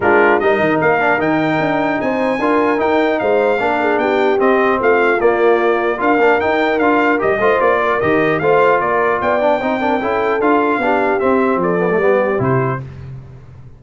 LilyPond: <<
  \new Staff \with { instrumentName = "trumpet" } { \time 4/4 \tempo 4 = 150 ais'4 dis''4 f''4 g''4~ | g''4 gis''2 g''4 | f''2 g''4 dis''4 | f''4 d''2 f''4 |
g''4 f''4 dis''4 d''4 | dis''4 f''4 d''4 g''4~ | g''2 f''2 | e''4 d''2 c''4 | }
  \new Staff \with { instrumentName = "horn" } { \time 4/4 f'4 ais'2.~ | ais'4 c''4 ais'2 | c''4 ais'8 gis'8 g'2 | f'2. ais'4~ |
ais'2~ ais'8 c''4 ais'8~ | ais'4 c''4 ais'4 d''4 | c''8 ais'8 a'2 g'4~ | g'4 a'4 g'2 | }
  \new Staff \with { instrumentName = "trombone" } { \time 4/4 d'4 dis'4. d'8 dis'4~ | dis'2 f'4 dis'4~ | dis'4 d'2 c'4~ | c'4 ais2 f'8 d'8 |
dis'4 f'4 g'8 f'4. | g'4 f'2~ f'8 d'8 | dis'8 d'8 e'4 f'4 d'4 | c'4. b16 a16 b4 e'4 | }
  \new Staff \with { instrumentName = "tuba" } { \time 4/4 gis4 g8 dis8 ais4 dis4 | d'4 c'4 d'4 dis'4 | gis4 ais4 b4 c'4 | a4 ais2 d'8 ais8 |
dis'4 d'4 g8 a8 ais4 | dis4 a4 ais4 b4 | c'4 cis'4 d'4 b4 | c'4 f4 g4 c4 | }
>>